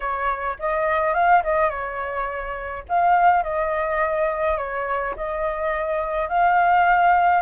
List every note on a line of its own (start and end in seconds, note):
0.00 0.57 C#5
0.59 1.14 D#5
1.14 1.42 F5
1.43 1.69 D#5
1.69 2.83 C#5
2.89 3.43 F5
3.43 4.57 D#5
4.57 5.14 C#5
5.16 6.29 D#5
6.29 7.42 F5